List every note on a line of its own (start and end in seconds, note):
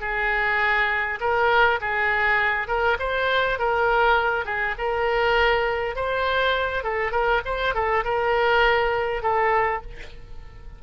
0.00 1.19 G#4
1.20 1.80 A#4
1.81 2.67 G#4
2.67 2.97 A#4
2.99 3.59 C5
3.59 4.45 A#4
4.45 4.75 G#4
4.78 5.95 A#4
5.95 6.84 C5
6.84 7.11 A4
7.11 7.41 A#4
7.45 7.74 C5
7.74 8.04 A4
8.04 9.22 A#4
9.22 9.82 A4